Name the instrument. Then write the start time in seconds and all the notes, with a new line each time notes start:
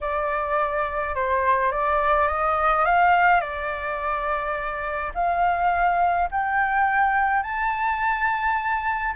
flute
0.01 D5
1.15 C5
1.71 D5
2.28 D#5
2.85 F5
3.40 D5
5.14 F5
6.31 G5
7.42 A5